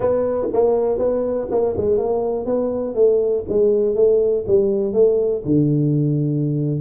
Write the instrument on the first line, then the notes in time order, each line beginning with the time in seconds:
tuba
0.00 B3
0.53 A#3
0.98 B3
1.50 A#3
1.77 G#3
1.97 A#3
2.45 B3
2.94 A3
3.48 G#3
3.95 A3
4.47 G3
4.93 A3
5.45 D3